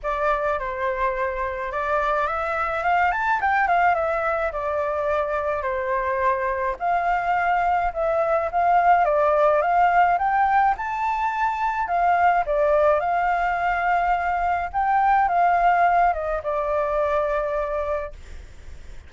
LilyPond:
\new Staff \with { instrumentName = "flute" } { \time 4/4 \tempo 4 = 106 d''4 c''2 d''4 | e''4 f''8 a''8 g''8 f''8 e''4 | d''2 c''2 | f''2 e''4 f''4 |
d''4 f''4 g''4 a''4~ | a''4 f''4 d''4 f''4~ | f''2 g''4 f''4~ | f''8 dis''8 d''2. | }